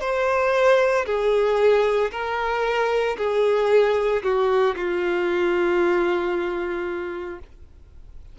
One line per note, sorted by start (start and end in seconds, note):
0.00 1.05 C5
1.06 2.11 G#4
2.11 3.17 A#4
3.17 4.22 G#4
4.23 4.76 F#4
4.76 7.39 F4